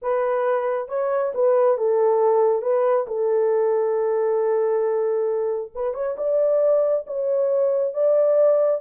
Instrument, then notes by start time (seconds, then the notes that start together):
horn
0.01 B4
0.88 C#5
1.34 B4
1.77 A4
2.61 B4
3.07 A4
5.75 B4
5.93 C#5
6.17 D5
7.06 C#5
7.93 D5